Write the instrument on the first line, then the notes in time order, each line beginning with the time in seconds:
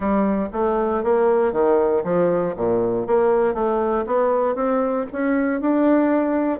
bassoon
0.00 G3
0.52 A3
1.03 A#3
1.52 D#3
2.04 F3
2.56 A#2
3.06 A#3
3.53 A3
4.06 B3
4.55 C4
5.12 C#4
5.60 D4